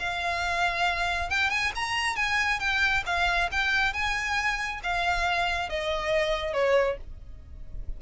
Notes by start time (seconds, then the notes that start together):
0.00 F5
1.30 G5
1.50 G#5
1.75 A#5
2.16 G#5
2.60 G5
3.06 F5
3.52 G5
3.94 G#5
4.84 F5
5.70 D#5
6.54 C#5